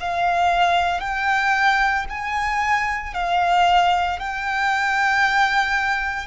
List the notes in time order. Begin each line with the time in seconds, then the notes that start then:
0.00 F5
1.00 G5
2.10 G#5
3.14 F5
4.20 G5